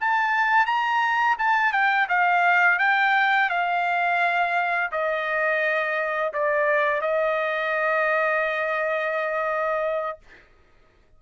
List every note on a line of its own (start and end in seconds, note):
0.00 0.66 A5
0.66 1.36 A#5
1.38 1.72 A5
1.72 2.07 G5
2.09 2.79 F5
2.79 3.49 G5
3.49 4.91 F5
4.92 6.33 D#5
6.33 7.01 D5
7.01 10.19 D#5